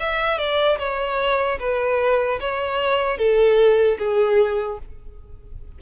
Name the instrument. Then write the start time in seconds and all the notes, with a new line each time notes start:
violin
0.00 E5
0.39 D5
0.79 C#5
1.60 B4
2.40 C#5
3.18 A4
3.99 G#4